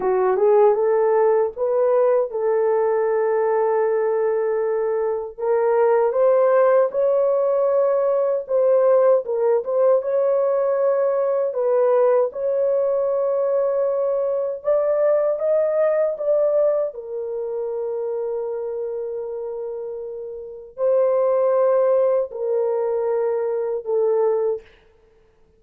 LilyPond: \new Staff \with { instrumentName = "horn" } { \time 4/4 \tempo 4 = 78 fis'8 gis'8 a'4 b'4 a'4~ | a'2. ais'4 | c''4 cis''2 c''4 | ais'8 c''8 cis''2 b'4 |
cis''2. d''4 | dis''4 d''4 ais'2~ | ais'2. c''4~ | c''4 ais'2 a'4 | }